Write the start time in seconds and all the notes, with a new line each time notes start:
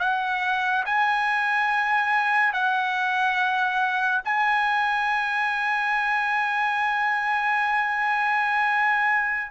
0.00 F#5
0.86 G#5
2.53 F#5
4.25 G#5